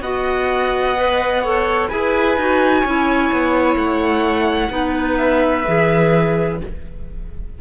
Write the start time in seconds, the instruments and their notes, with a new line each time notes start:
0.00 cello B3, clarinet F#4, viola D#5, violin F#5
0.95 clarinet B4
1.43 clarinet A4, viola C#5
1.87 cello E4, clarinet G#4, viola B4, violin G#5
2.37 cello D#4, clarinet F#4
2.81 cello C#4, clarinet E4, viola C#5
3.32 cello B3
3.75 cello A3, violin F#5
4.69 cello B3, clarinet D#4, viola B4
5.17 violin E5
5.66 cello E3, clarinet G#4